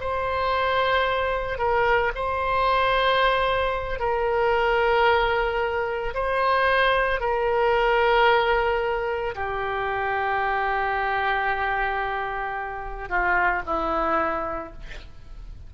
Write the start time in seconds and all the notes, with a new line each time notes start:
0.00 C5
1.58 A#4
2.15 C5
3.99 A#4
6.14 C5
7.20 A#4
9.35 G4
13.09 F4
13.66 E4